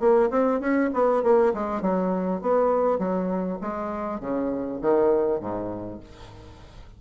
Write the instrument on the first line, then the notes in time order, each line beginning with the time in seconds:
bassoon
0.00 A#3
0.31 C4
0.61 C#4
0.94 B3
1.23 A#3
1.54 G#3
1.82 F#3
2.42 B3
2.99 F#3
3.61 G#3
4.20 C#3
4.82 D#3
5.41 G#2